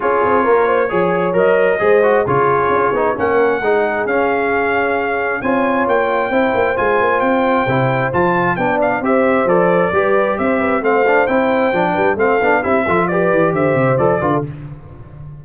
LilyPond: <<
  \new Staff \with { instrumentName = "trumpet" } { \time 4/4 \tempo 4 = 133 cis''2. dis''4~ | dis''4 cis''2 fis''4~ | fis''4 f''2. | gis''4 g''2 gis''4 |
g''2 a''4 g''8 f''8 | e''4 d''2 e''4 | f''4 g''2 f''4 | e''4 d''4 e''4 d''4 | }
  \new Staff \with { instrumentName = "horn" } { \time 4/4 gis'4 ais'8 c''8 cis''2 | c''4 gis'2 ais'4 | gis'1 | cis''2 c''2~ |
c''2. d''4 | c''2 b'4 c''8 b'8 | c''2~ c''8 b'8 a'4 | g'8 a'8 b'4 c''4. b'16 a'16 | }
  \new Staff \with { instrumentName = "trombone" } { \time 4/4 f'2 gis'4 ais'4 | gis'8 fis'8 f'4. dis'8 cis'4 | dis'4 cis'2. | f'2 e'4 f'4~ |
f'4 e'4 f'4 d'4 | g'4 a'4 g'2 | c'8 d'8 e'4 d'4 c'8 d'8 | e'8 f'8 g'2 a'8 f'8 | }
  \new Staff \with { instrumentName = "tuba" } { \time 4/4 cis'8 c'8 ais4 f4 fis4 | gis4 cis4 cis'8 b8 ais4 | gis4 cis'2. | c'4 ais4 c'8 ais8 gis8 ais8 |
c'4 c4 f4 b4 | c'4 f4 g4 c'4 | a4 c'4 f8 g8 a8 b8 | c'8 f4 e8 d8 c8 f8 d8 | }
>>